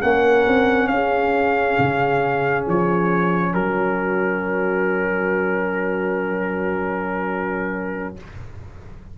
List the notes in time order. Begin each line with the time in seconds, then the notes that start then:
0.00 A#3 C#4 A#4 F#5
0.47 C4
0.87 C#4 F5
0.93 G#4
1.78 C#3
2.66 F3 C#5
3.52 F#3 F#4 A#4